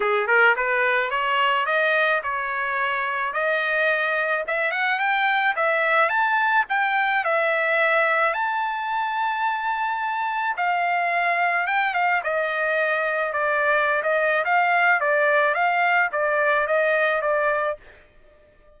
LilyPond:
\new Staff \with { instrumentName = "trumpet" } { \time 4/4 \tempo 4 = 108 gis'8 ais'8 b'4 cis''4 dis''4 | cis''2 dis''2 | e''8 fis''8 g''4 e''4 a''4 | g''4 e''2 a''4~ |
a''2. f''4~ | f''4 g''8 f''8 dis''2 | d''4~ d''16 dis''8. f''4 d''4 | f''4 d''4 dis''4 d''4 | }